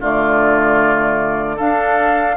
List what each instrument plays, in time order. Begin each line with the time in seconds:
0.00 bassoon D3, clarinet A3, oboe F4, flute D5
1.56 clarinet D4, bassoon D4, oboe A4, flute F5